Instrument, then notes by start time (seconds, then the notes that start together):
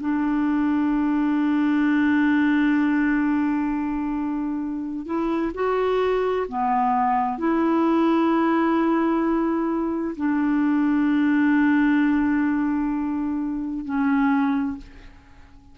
clarinet
0.00 D4
5.05 E4
5.54 F#4
6.48 B3
7.38 E4
10.16 D4
13.85 C#4